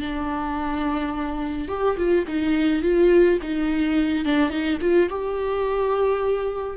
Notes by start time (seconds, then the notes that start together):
0.00 D4
1.68 G4
1.97 F4
2.27 D#4
2.82 F4
3.42 D#4
4.25 D4
4.50 D#4
4.81 F4
5.09 G4